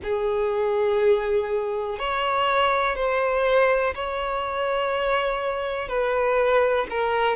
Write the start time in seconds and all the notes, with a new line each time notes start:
0.03 G#4
1.99 C#5
2.95 C5
3.94 C#5
5.88 B4
6.89 A#4